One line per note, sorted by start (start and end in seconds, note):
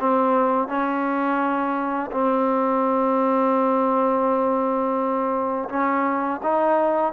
0.00 0.68 C4
0.68 2.11 C#4
2.11 5.69 C4
5.69 6.40 C#4
6.43 7.13 D#4